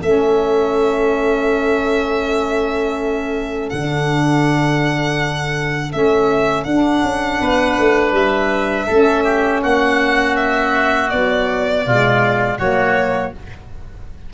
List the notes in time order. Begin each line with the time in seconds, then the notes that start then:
0.00 A3 C#4 A4 E5
3.70 D3 D4 F#5
5.92 A3 C#4 E5
6.64 D4 F#5
6.71 D4
7.03 C#4
7.41 B3 B4
7.79 A3
8.12 G3 E5
8.87 A3 C#4 A4
9.24 G4
9.63 A#3 F#4 F#5
10.37 E5
11.10 F#3 B3 D5
11.87 B2 G#3 F4
12.59 F#3 A#3 F#4 C#5